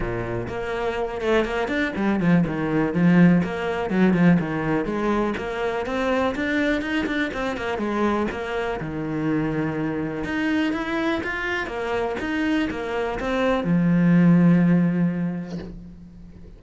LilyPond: \new Staff \with { instrumentName = "cello" } { \time 4/4 \tempo 4 = 123 ais,4 ais4. a8 ais8 d'8 | g8 f8 dis4 f4 ais4 | fis8 f8 dis4 gis4 ais4 | c'4 d'4 dis'8 d'8 c'8 ais8 |
gis4 ais4 dis2~ | dis4 dis'4 e'4 f'4 | ais4 dis'4 ais4 c'4 | f1 | }